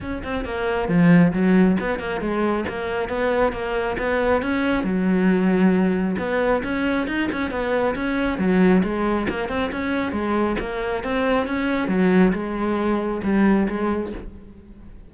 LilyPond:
\new Staff \with { instrumentName = "cello" } { \time 4/4 \tempo 4 = 136 cis'8 c'8 ais4 f4 fis4 | b8 ais8 gis4 ais4 b4 | ais4 b4 cis'4 fis4~ | fis2 b4 cis'4 |
dis'8 cis'8 b4 cis'4 fis4 | gis4 ais8 c'8 cis'4 gis4 | ais4 c'4 cis'4 fis4 | gis2 g4 gis4 | }